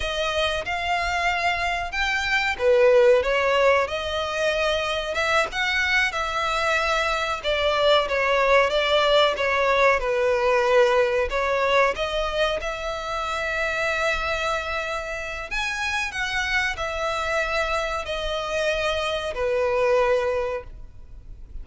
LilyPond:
\new Staff \with { instrumentName = "violin" } { \time 4/4 \tempo 4 = 93 dis''4 f''2 g''4 | b'4 cis''4 dis''2 | e''8 fis''4 e''2 d''8~ | d''8 cis''4 d''4 cis''4 b'8~ |
b'4. cis''4 dis''4 e''8~ | e''1 | gis''4 fis''4 e''2 | dis''2 b'2 | }